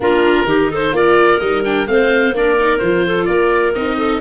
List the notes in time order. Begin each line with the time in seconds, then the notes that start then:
0.00 A#3 D4 F4 A#4
0.44 D#3 D#4 G4
0.70 A4 C5
0.92 A#3 F4 A#4 D5
1.39 G3 D#4 D#5
1.64 D4 G5
1.87 A3 C4 C5 F5
2.32 A#3 D4 A#4 D5
2.58 D#4
2.78 F3 F4 C5
3.06 A4
3.25 A#3 A#4 D5
3.74 C4 D#4 D#5
3.97 A4